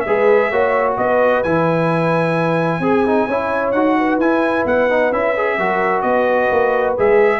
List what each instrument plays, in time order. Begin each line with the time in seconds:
0.00 tuba G#3, horn B4, trumpet E5
0.06 trombone G#4
0.50 tuba A#3, trombone F#4, horn C#5
0.97 tuba B3, horn B4, trumpet D#5
1.42 tuba E3, trombone E4, trumpet G#5
2.79 tuba C4, trombone G#4, horn G#4
3.06 trombone D#4
3.26 tuba C#4, trombone E4, horn C#5
3.71 tuba D#4, trombone F#4, trumpet F#5
3.98 horn B4
4.17 tuba E4, trombone E4, trumpet G#5
4.65 tuba B3, trumpet F#5
4.90 trombone D#4
5.11 tuba C#4, trombone E4, trumpet E5
5.36 trombone G#4
5.57 tuba F#3, trombone F#4, horn A#4
6.01 tuba B3, horn B4, trumpet D#5
6.50 tuba A#3
6.97 tuba G#3, trombone G#4, trumpet E5